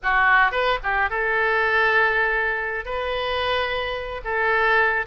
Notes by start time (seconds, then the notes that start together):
0.02 F#4
0.51 B4
0.83 G4
1.10 A4
2.85 B4
4.24 A4